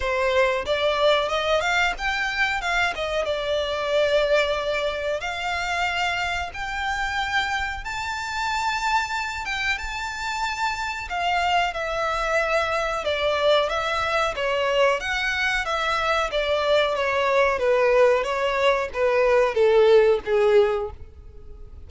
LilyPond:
\new Staff \with { instrumentName = "violin" } { \time 4/4 \tempo 4 = 92 c''4 d''4 dis''8 f''8 g''4 | f''8 dis''8 d''2. | f''2 g''2 | a''2~ a''8 g''8 a''4~ |
a''4 f''4 e''2 | d''4 e''4 cis''4 fis''4 | e''4 d''4 cis''4 b'4 | cis''4 b'4 a'4 gis'4 | }